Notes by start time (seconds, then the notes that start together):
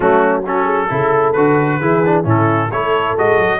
0.00 F#3 A3 C#4 F#4
0.45 C#4 F#4 A4
0.64 G#4
0.89 C#3 E4 A4
1.32 D3 F#4 B4
1.80 E3 E4 G#4
2.05 D4
2.23 A2 C#4 E4 A4
2.69 A3 E4 A4 C#5
3.17 G#3 F#4 D#5
3.38 F#3